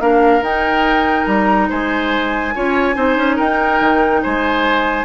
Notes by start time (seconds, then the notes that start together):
0.00 A#3 D4 A#4 F5
0.42 D#4 G5
1.26 G3 A#5
1.70 G#3 C5 G#5
2.54 C#4 F4 C#5
2.95 C4 D#4 C5
3.17 C#4
3.36 D#4 A#4 G5
3.81 D#3
4.23 G#3 C5 G#5